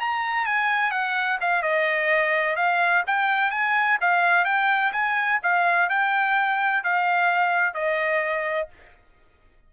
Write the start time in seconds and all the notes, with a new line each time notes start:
0.00 A#5
0.46 G#5
0.91 F#5
1.40 F5
1.62 D#5
2.56 F5
3.07 G5
3.51 G#5
4.01 F5
4.45 G5
4.92 G#5
5.43 F5
5.89 G5
6.83 F5
7.74 D#5